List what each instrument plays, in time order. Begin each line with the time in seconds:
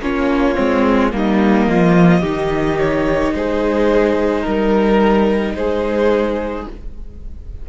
0.00 cello A#3, viola C#4, violin F4 C#5
0.55 cello G#3, viola C4
1.11 cello G3, viola A#3, violin D#4 D#5
1.66 cello F3, violin F4
2.21 cello D#3, viola D#4, violin G4
2.78 violin C#5
3.33 cello G#3, violin G#4 C5
4.41 cello G3, violin A#4
5.55 cello G#3, violin G#4 C5